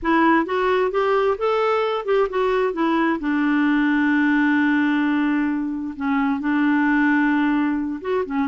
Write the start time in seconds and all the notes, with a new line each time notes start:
0.02 E4
0.45 F#4
0.91 G4
1.37 A4
2.05 G4
2.29 F#4
2.73 E4
3.19 D4
5.95 C#4
6.40 D4
8.01 F#4
8.25 C#4